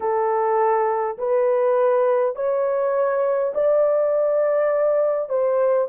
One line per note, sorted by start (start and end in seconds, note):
0.00 1.17 A4
1.18 2.35 B4
2.35 3.53 C#5
3.54 5.29 D5
5.29 5.88 C5